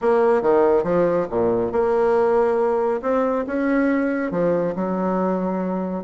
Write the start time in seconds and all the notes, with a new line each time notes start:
0.01 A#3
0.42 D#3
0.83 F3
1.30 A#2
1.71 A#3
3.02 C4
3.46 C#4
4.31 F3
4.75 F#3